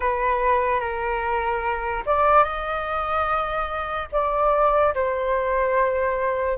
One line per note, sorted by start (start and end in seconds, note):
0.00 0.80 B4
0.80 2.03 A#4
2.05 2.44 D5
2.44 4.08 D#5
4.11 4.94 D5
4.94 6.57 C5